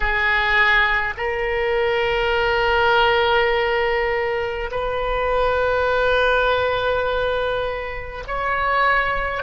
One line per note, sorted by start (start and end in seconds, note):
0.00 1.13 G#4
1.17 4.70 A#4
4.71 8.24 B4
8.27 9.43 C#5